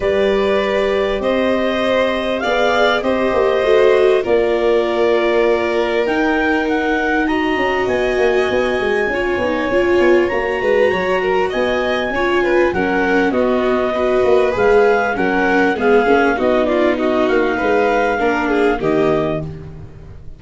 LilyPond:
<<
  \new Staff \with { instrumentName = "clarinet" } { \time 4/4 \tempo 4 = 99 d''2 dis''2 | f''4 dis''2 d''4~ | d''2 g''4 fis''4 | ais''4 gis''2.~ |
gis''4 ais''2 gis''4~ | gis''4 fis''4 dis''2 | f''4 fis''4 f''4 dis''8 d''8 | dis''8 f''2~ f''8 dis''4 | }
  \new Staff \with { instrumentName = "violin" } { \time 4/4 b'2 c''2 | d''4 c''2 ais'4~ | ais'1 | dis''2. cis''4~ |
cis''4. b'8 cis''8 ais'8 dis''4 | cis''8 b'8 ais'4 fis'4 b'4~ | b'4 ais'4 gis'4 fis'8 f'8 | fis'4 b'4 ais'8 gis'8 g'4 | }
  \new Staff \with { instrumentName = "viola" } { \time 4/4 g'1 | gis'4 g'4 fis'4 f'4~ | f'2 dis'2 | fis'2. f'8 dis'8 |
f'4 fis'2. | f'4 cis'4 b4 fis'4 | gis'4 cis'4 b8 cis'8 dis'4~ | dis'2 d'4 ais4 | }
  \new Staff \with { instrumentName = "tuba" } { \time 4/4 g2 c'2 | b4 c'8 ais8 a4 ais4~ | ais2 dis'2~ | dis'8 cis'8 b8 ais8 b8 gis8 cis'8 b8 |
cis'8 b8 ais8 gis8 fis4 b4 | cis'4 fis4 b4. ais8 | gis4 fis4 gis8 ais8 b4~ | b8 ais8 gis4 ais4 dis4 | }
>>